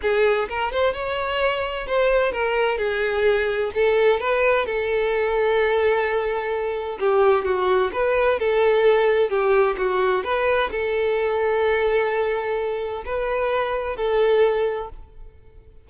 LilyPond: \new Staff \with { instrumentName = "violin" } { \time 4/4 \tempo 4 = 129 gis'4 ais'8 c''8 cis''2 | c''4 ais'4 gis'2 | a'4 b'4 a'2~ | a'2. g'4 |
fis'4 b'4 a'2 | g'4 fis'4 b'4 a'4~ | a'1 | b'2 a'2 | }